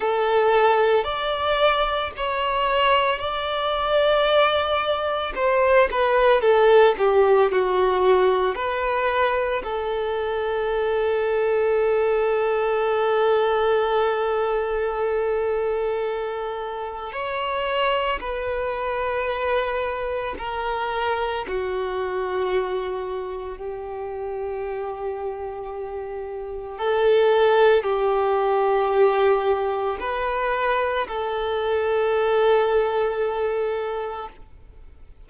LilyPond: \new Staff \with { instrumentName = "violin" } { \time 4/4 \tempo 4 = 56 a'4 d''4 cis''4 d''4~ | d''4 c''8 b'8 a'8 g'8 fis'4 | b'4 a'2.~ | a'1 |
cis''4 b'2 ais'4 | fis'2 g'2~ | g'4 a'4 g'2 | b'4 a'2. | }